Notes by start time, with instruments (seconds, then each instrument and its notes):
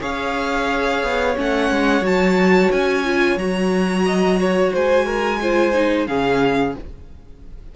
0.00 cello C#4, viola G#4, violin C#5 F5
1.03 cello B3
1.36 cello A3, viola C#4, violin F#5
1.71 cello G#3
2.01 cello F#3, viola F#4, violin A5
2.71 cello C#4, violin G#5
3.05 viola F4
3.36 cello F#3, viola F#4, violin A#5
4.06 violin D#5
4.40 violin C#5
4.73 cello G#3, violin C5 G#5
5.06 violin A#4
5.42 viola F4, violin C5
5.74 viola D#4
6.07 cello C#3, viola C#4, violin G#4 F5